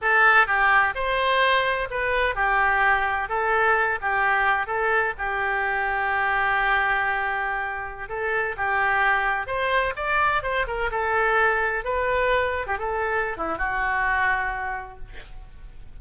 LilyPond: \new Staff \with { instrumentName = "oboe" } { \time 4/4 \tempo 4 = 128 a'4 g'4 c''2 | b'4 g'2 a'4~ | a'8 g'4. a'4 g'4~ | g'1~ |
g'4~ g'16 a'4 g'4.~ g'16~ | g'16 c''4 d''4 c''8 ais'8 a'8.~ | a'4~ a'16 b'4.~ b'16 g'16 a'8.~ | a'8 e'8 fis'2. | }